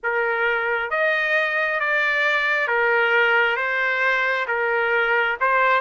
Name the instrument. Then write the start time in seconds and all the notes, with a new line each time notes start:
trumpet
0.02 A#4
0.90 D#5
1.80 D5
2.67 A#4
3.56 C5
4.47 A#4
5.40 C5